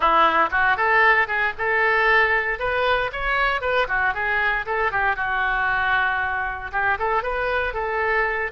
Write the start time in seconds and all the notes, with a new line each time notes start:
0.00 E4
0.51 F#4
0.76 A4
1.27 G#4
1.58 A4
2.59 B4
3.12 C#5
3.61 B4
3.88 F#4
4.14 G#4
4.66 A4
4.91 G4
5.16 F#4
6.72 G4
6.98 A4
7.22 B4
7.73 A4